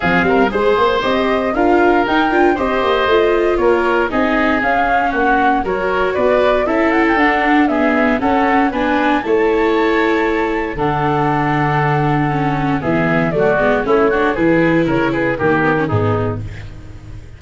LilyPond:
<<
  \new Staff \with { instrumentName = "flute" } { \time 4/4 \tempo 4 = 117 f''4 c''4 dis''4 f''4 | g''4 dis''2 cis''4 | dis''4 f''4 fis''4 cis''4 | d''4 e''8 fis''16 g''16 fis''4 e''4 |
fis''4 gis''4 a''2~ | a''4 fis''2.~ | fis''4 e''4 d''4 cis''4 | b'4 cis''8 b'8 ais'4 gis'4 | }
  \new Staff \with { instrumentName = "oboe" } { \time 4/4 gis'8 ais'8 c''2 ais'4~ | ais'4 c''2 ais'4 | gis'2 fis'4 ais'4 | b'4 a'2 gis'4 |
a'4 b'4 cis''2~ | cis''4 a'2.~ | a'4 gis'4 fis'4 e'8 fis'8 | gis'4 ais'8 gis'8 g'4 dis'4 | }
  \new Staff \with { instrumentName = "viola" } { \time 4/4 c'4 gis'4 g'4 f'4 | dis'8 f'8 g'4 f'2 | dis'4 cis'2 fis'4~ | fis'4 e'4 d'4 b4 |
cis'4 d'4 e'2~ | e'4 d'2. | cis'4 b4 a8 b8 cis'8 d'8 | e'2 ais8 b16 cis'16 b4 | }
  \new Staff \with { instrumentName = "tuba" } { \time 4/4 f8 g8 gis8 ais8 c'4 d'4 | dis'8 d'8 c'8 ais8 a4 ais4 | c'4 cis'4 ais4 fis4 | b4 cis'4 d'2 |
cis'4 b4 a2~ | a4 d2.~ | d4 e4 fis8 gis8 a4 | e4 cis4 dis4 gis,4 | }
>>